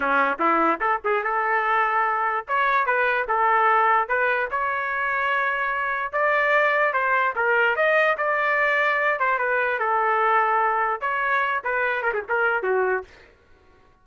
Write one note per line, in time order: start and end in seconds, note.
0.00 0.37 C#4
0.39 0.79 E4
0.80 1.01 A4
1.04 1.23 G#4
1.23 2.45 A4
2.47 2.86 C#5
2.86 3.27 B4
3.28 4.08 A4
4.08 4.49 B4
4.50 6.12 C#5
6.12 6.93 D5
6.93 7.34 C5
7.35 7.76 A#4
7.76 8.17 D#5
8.17 9.19 D5
9.19 9.38 C5
9.38 9.79 B4
9.79 11.00 A4
11.00 11.62 C#5
11.64 12.02 B4
12.02 12.12 A#4
12.13 12.23 G#4
12.29 12.63 A#4
12.63 13.03 F#4